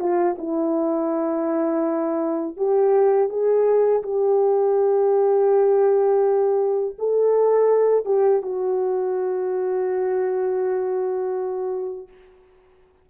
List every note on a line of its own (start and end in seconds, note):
0.00 0.37 F4
0.39 2.57 E4
2.57 3.30 G4
3.30 4.03 G#4
4.03 6.96 G4
6.99 8.06 A4
8.06 8.42 G4
8.42 12.08 F#4